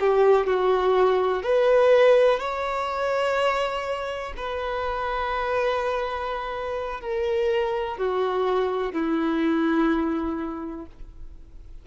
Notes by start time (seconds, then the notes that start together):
0.00 G4
0.47 F#4
1.43 B4
2.40 C#5
4.37 B4
7.01 A#4
7.98 F#4
8.93 E4